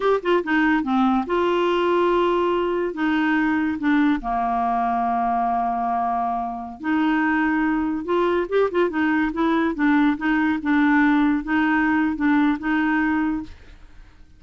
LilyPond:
\new Staff \with { instrumentName = "clarinet" } { \time 4/4 \tempo 4 = 143 g'8 f'8 dis'4 c'4 f'4~ | f'2. dis'4~ | dis'4 d'4 ais2~ | ais1~ |
ais16 dis'2. f'8.~ | f'16 g'8 f'8 dis'4 e'4 d'8.~ | d'16 dis'4 d'2 dis'8.~ | dis'4 d'4 dis'2 | }